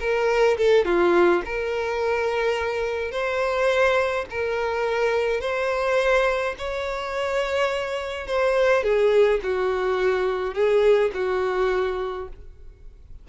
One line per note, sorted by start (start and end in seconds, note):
0.00 0.57 A#4
0.57 0.85 A4
0.85 1.42 F4
1.45 3.11 A#4
3.11 4.26 C5
4.30 5.41 A#4
5.41 6.55 C5
6.58 8.27 C#5
8.27 8.83 C5
8.83 9.41 G#4
9.43 10.54 F#4
10.54 11.11 G#4
11.14 12.28 F#4